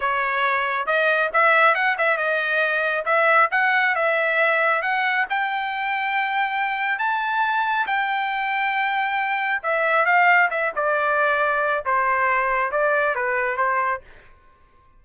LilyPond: \new Staff \with { instrumentName = "trumpet" } { \time 4/4 \tempo 4 = 137 cis''2 dis''4 e''4 | fis''8 e''8 dis''2 e''4 | fis''4 e''2 fis''4 | g''1 |
a''2 g''2~ | g''2 e''4 f''4 | e''8 d''2~ d''8 c''4~ | c''4 d''4 b'4 c''4 | }